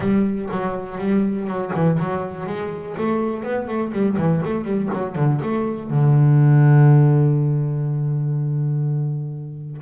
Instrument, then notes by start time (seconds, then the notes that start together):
double bass
0.00 G3
0.51 F#3
0.97 G3
1.47 F#3
1.74 E3
1.99 F#3
2.46 G#3
2.97 A3
3.43 B3
3.67 A3
3.92 G3
4.17 E3
4.44 A3
4.64 G3
4.93 F#3
5.15 D3
5.42 A3
5.89 D3